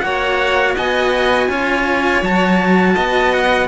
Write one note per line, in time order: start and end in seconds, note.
0.00 0.76 A#3
0.00 1.50 F#4
0.00 0.76 C#5
0.00 0.73 F#5
0.76 1.48 B3
0.76 1.49 D#5
0.76 2.24 G#5
1.48 2.21 C#4
1.48 2.23 F4
1.48 2.95 C#5
2.22 2.95 F#3
2.22 3.68 F#4
2.22 3.34 A5
2.95 3.68 B3
2.95 3.68 D#5
3.34 3.68 F#5